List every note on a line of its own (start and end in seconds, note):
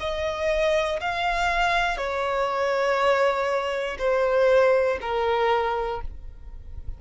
0.00 1.00 D#5
1.01 1.98 F5
1.98 3.98 C#5
3.99 4.99 C5
5.01 6.01 A#4